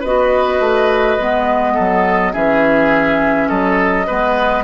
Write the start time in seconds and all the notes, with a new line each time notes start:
0.00 B3 F#4 B4 D#5
0.59 A3
1.19 G#3 B3
1.74 F#3 A4
2.32 E3 C#4 G#4 E5
3.48 F#3 A4 D#5
4.07 G#3 B3 B4